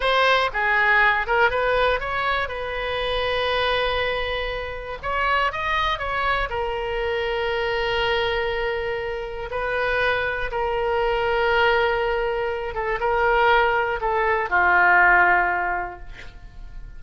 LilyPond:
\new Staff \with { instrumentName = "oboe" } { \time 4/4 \tempo 4 = 120 c''4 gis'4. ais'8 b'4 | cis''4 b'2.~ | b'2 cis''4 dis''4 | cis''4 ais'2.~ |
ais'2. b'4~ | b'4 ais'2.~ | ais'4. a'8 ais'2 | a'4 f'2. | }